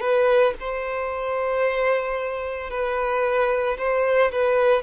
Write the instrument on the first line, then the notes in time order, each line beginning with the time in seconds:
violin
0.00 B4
0.59 C5
2.70 B4
3.77 C5
4.31 B4